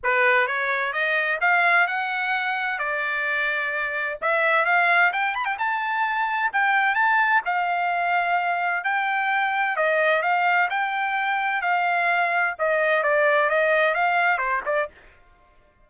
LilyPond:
\new Staff \with { instrumentName = "trumpet" } { \time 4/4 \tempo 4 = 129 b'4 cis''4 dis''4 f''4 | fis''2 d''2~ | d''4 e''4 f''4 g''8 b''16 g''16 | a''2 g''4 a''4 |
f''2. g''4~ | g''4 dis''4 f''4 g''4~ | g''4 f''2 dis''4 | d''4 dis''4 f''4 c''8 d''8 | }